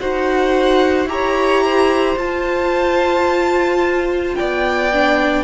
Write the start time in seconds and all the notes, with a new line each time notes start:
0.00 D#4 F#4 C5 F#5
1.06 E4 G4 A#5
1.12 C#5
1.65 C5
2.17 F4 A5
4.36 B3 D5 G5
4.93 D4